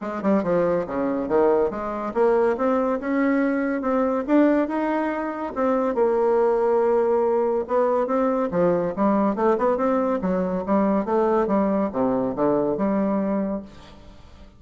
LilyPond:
\new Staff \with { instrumentName = "bassoon" } { \time 4/4 \tempo 4 = 141 gis8 g8 f4 cis4 dis4 | gis4 ais4 c'4 cis'4~ | cis'4 c'4 d'4 dis'4~ | dis'4 c'4 ais2~ |
ais2 b4 c'4 | f4 g4 a8 b8 c'4 | fis4 g4 a4 g4 | c4 d4 g2 | }